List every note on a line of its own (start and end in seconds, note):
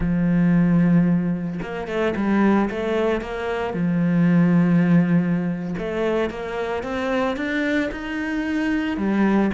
0.00 1.59 F3
1.62 1.87 A#3
1.87 2.14 A3
2.16 2.69 G3
2.69 3.21 A3
3.21 3.73 A#3
3.73 5.74 F3
5.78 6.30 A3
6.30 6.83 A#3
6.83 7.36 C4
7.36 7.90 D4
7.91 8.97 D#4
8.97 9.50 G3